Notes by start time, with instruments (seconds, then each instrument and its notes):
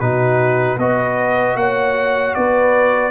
0.00 tuba B2, trombone D#4, horn F#4, trumpet B4
0.77 tuba B3, trombone F#4, horn B4, trumpet D#5
1.55 tuba A#3, horn C#5, trumpet F#5
2.34 tuba B3, horn B4, trumpet D5